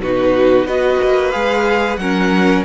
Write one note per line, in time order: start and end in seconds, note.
0.00 0.64 B2
0.00 0.68 D#4
0.00 0.68 F#4
0.00 0.67 B4
0.64 0.97 B3
0.64 1.32 F#4
0.64 2.00 B4
0.64 1.31 D#5
1.02 1.34 A#3
1.31 1.97 G#3
1.31 1.98 G#4
1.31 1.97 F5
1.97 2.63 F#3
1.97 2.65 C#4
1.97 2.65 A#4
1.97 2.62 F#5